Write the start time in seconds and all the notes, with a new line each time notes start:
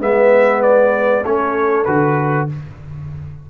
0.00 G#3 B3 B4 E5
0.62 D5
1.24 A3 C#4 A4 C#5
1.85 D3 F#4 B4